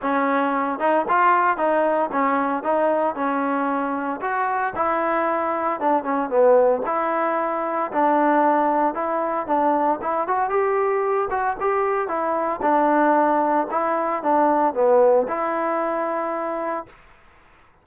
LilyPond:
\new Staff \with { instrumentName = "trombone" } { \time 4/4 \tempo 4 = 114 cis'4. dis'8 f'4 dis'4 | cis'4 dis'4 cis'2 | fis'4 e'2 d'8 cis'8 | b4 e'2 d'4~ |
d'4 e'4 d'4 e'8 fis'8 | g'4. fis'8 g'4 e'4 | d'2 e'4 d'4 | b4 e'2. | }